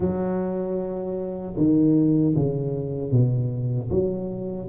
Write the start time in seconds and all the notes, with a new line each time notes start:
0.00 F#3
1.56 D#3
2.35 C#3
3.11 B2
3.90 F#3